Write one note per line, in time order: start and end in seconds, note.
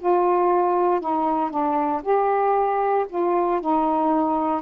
0.00 1.01 F4
1.01 1.51 D#4
1.51 2.02 D4
2.03 3.06 G4
3.10 3.61 F4
3.61 4.62 D#4